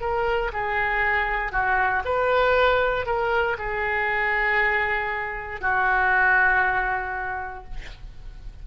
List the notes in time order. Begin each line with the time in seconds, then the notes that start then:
0.00 A#4
0.53 G#4
1.52 F#4
2.05 B4
3.06 A#4
3.58 G#4
5.61 F#4